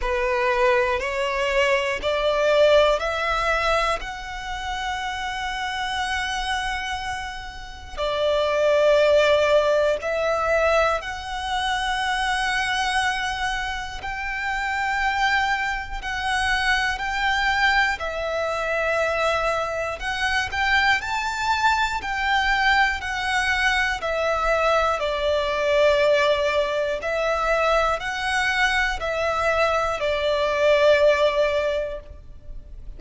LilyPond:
\new Staff \with { instrumentName = "violin" } { \time 4/4 \tempo 4 = 60 b'4 cis''4 d''4 e''4 | fis''1 | d''2 e''4 fis''4~ | fis''2 g''2 |
fis''4 g''4 e''2 | fis''8 g''8 a''4 g''4 fis''4 | e''4 d''2 e''4 | fis''4 e''4 d''2 | }